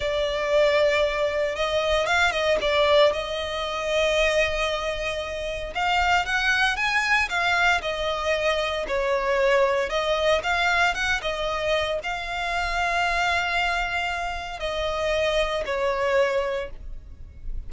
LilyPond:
\new Staff \with { instrumentName = "violin" } { \time 4/4 \tempo 4 = 115 d''2. dis''4 | f''8 dis''8 d''4 dis''2~ | dis''2. f''4 | fis''4 gis''4 f''4 dis''4~ |
dis''4 cis''2 dis''4 | f''4 fis''8 dis''4. f''4~ | f''1 | dis''2 cis''2 | }